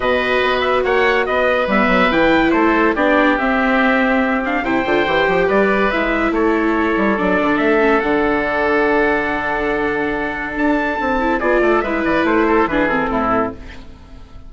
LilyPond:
<<
  \new Staff \with { instrumentName = "trumpet" } { \time 4/4 \tempo 4 = 142 dis''4. e''8 fis''4 dis''4 | e''4 g''4 c''4 d''4 | e''2~ e''8 f''8 g''4~ | g''4 d''4 e''4 cis''4~ |
cis''4 d''4 e''4 fis''4~ | fis''1~ | fis''4 a''2 d''4 | e''8 d''8 c''4 b'8 a'4. | }
  \new Staff \with { instrumentName = "oboe" } { \time 4/4 b'2 cis''4 b'4~ | b'2 a'4 g'4~ | g'2. c''4~ | c''4 b'2 a'4~ |
a'1~ | a'1~ | a'2. gis'8 a'8 | b'4. a'8 gis'4 e'4 | }
  \new Staff \with { instrumentName = "viola" } { \time 4/4 fis'1 | b4 e'2 d'4 | c'2~ c'8 d'8 e'8 f'8 | g'2 e'2~ |
e'4 d'4. cis'8 d'4~ | d'1~ | d'2~ d'8 e'8 f'4 | e'2 d'8 c'4. | }
  \new Staff \with { instrumentName = "bassoon" } { \time 4/4 b,4 b4 ais4 b4 | g8 fis8 e4 a4 b4 | c'2. c8 d8 | e8 f8 g4 gis4 a4~ |
a8 g8 fis8 d8 a4 d4~ | d1~ | d4 d'4 c'4 b8 a8 | gis8 e8 a4 e4 a,4 | }
>>